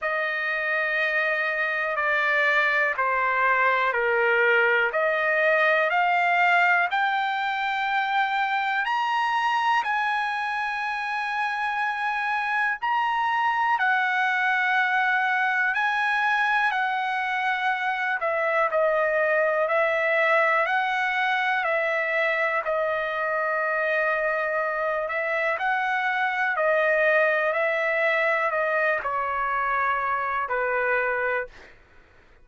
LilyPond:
\new Staff \with { instrumentName = "trumpet" } { \time 4/4 \tempo 4 = 61 dis''2 d''4 c''4 | ais'4 dis''4 f''4 g''4~ | g''4 ais''4 gis''2~ | gis''4 ais''4 fis''2 |
gis''4 fis''4. e''8 dis''4 | e''4 fis''4 e''4 dis''4~ | dis''4. e''8 fis''4 dis''4 | e''4 dis''8 cis''4. b'4 | }